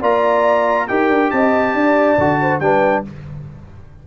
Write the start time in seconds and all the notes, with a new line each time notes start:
0.00 A#3 F4 D5 A#5
0.87 D#4 G4 A#4 G5
1.09 D4
1.30 C4 D#5 A5
1.74 D4 D5
2.18 D3 F#4
2.41 C5
2.60 G3 D4 B4 G5